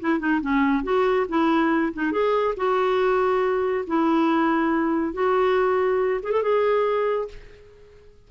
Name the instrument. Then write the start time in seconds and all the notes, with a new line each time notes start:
clarinet
0.00 E4
0.19 D#4
0.41 C#4
0.83 F#4
1.29 E4
1.93 D#4
2.11 G#4
2.56 F#4
3.87 E4
5.13 F#4
6.23 G#4
6.32 A4
6.42 G#4